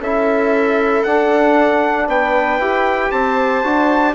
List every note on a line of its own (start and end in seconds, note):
0.00 1.03 C#4
0.00 1.06 E4
0.00 2.07 A4
0.00 1.03 E5
1.03 2.61 D4
1.03 2.07 D4
1.03 2.07 F#5
2.07 2.59 B3
2.07 3.11 B4
2.07 3.11 G5
2.59 3.10 E4
2.59 3.64 G4
3.11 3.64 C4
3.11 4.14 C5
3.11 4.15 A5
3.64 4.15 D4
3.64 4.15 F#4